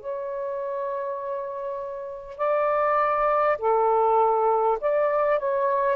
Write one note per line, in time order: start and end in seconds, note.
0.00 2.37 C#5
2.37 3.57 D5
3.58 4.78 A4
4.81 5.39 D5
5.39 5.96 C#5